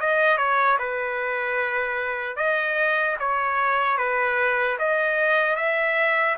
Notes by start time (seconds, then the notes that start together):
0.00 D#5
0.37 C#5
0.79 B4
2.36 D#5
3.20 C#5
3.97 B4
4.79 D#5
5.56 E5